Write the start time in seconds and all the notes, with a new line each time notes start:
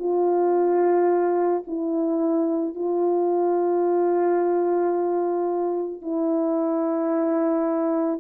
0.00 F4
1.68 E4
2.75 F4
6.02 E4